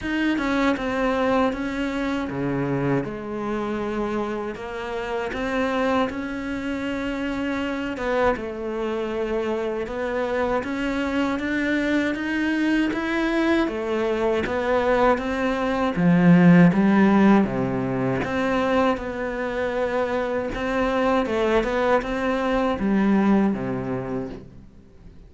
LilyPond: \new Staff \with { instrumentName = "cello" } { \time 4/4 \tempo 4 = 79 dis'8 cis'8 c'4 cis'4 cis4 | gis2 ais4 c'4 | cis'2~ cis'8 b8 a4~ | a4 b4 cis'4 d'4 |
dis'4 e'4 a4 b4 | c'4 f4 g4 c4 | c'4 b2 c'4 | a8 b8 c'4 g4 c4 | }